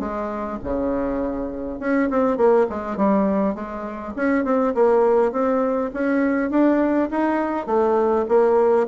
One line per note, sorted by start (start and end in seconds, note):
0.00 0.59 G#3
0.64 1.80 C#3
1.80 2.10 C#4
2.10 2.38 C4
2.38 2.67 A#3
2.70 2.97 G#3
2.97 3.55 G3
3.55 4.14 G#3
4.16 4.45 C#4
4.45 4.74 C4
4.75 5.32 A#3
5.32 5.91 C4
5.94 6.51 C#4
6.51 7.10 D4
7.11 7.67 D#4
7.67 8.26 A3
8.29 8.88 A#3